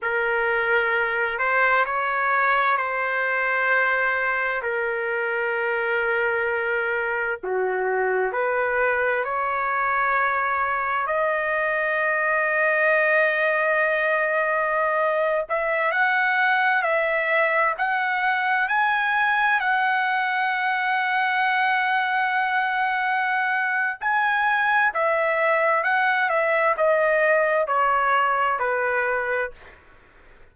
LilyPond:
\new Staff \with { instrumentName = "trumpet" } { \time 4/4 \tempo 4 = 65 ais'4. c''8 cis''4 c''4~ | c''4 ais'2. | fis'4 b'4 cis''2 | dis''1~ |
dis''8. e''8 fis''4 e''4 fis''8.~ | fis''16 gis''4 fis''2~ fis''8.~ | fis''2 gis''4 e''4 | fis''8 e''8 dis''4 cis''4 b'4 | }